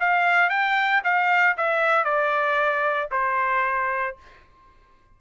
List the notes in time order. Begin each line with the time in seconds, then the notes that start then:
0.00 F5
0.50 G5
1.04 F5
1.57 E5
2.05 D5
3.11 C5